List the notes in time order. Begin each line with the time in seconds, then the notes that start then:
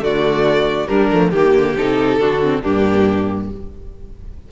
0.00 D3 A3 F#4 D5
0.87 G3 D4 A#4
1.11 F3 A3
1.31 D#3 A#3 G4
1.54 D3
1.77 C3 D#4 A4
2.18 D3 D4 F#4
2.43 C4
2.62 G2 A#3 D4 G4